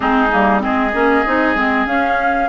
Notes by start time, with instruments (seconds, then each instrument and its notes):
0.00 bassoon G#3, clarinet C4, oboe D#4, flute G#4
0.31 bassoon G3, clarinet A#3
0.59 bassoon G#3, clarinet C4, oboe G#4, flute D#5
0.93 bassoon A#3, clarinet C#4
1.26 bassoon C4, clarinet D#4
1.55 bassoon G#3, clarinet C4
1.86 bassoon C#4, clarinet C#4, flute F5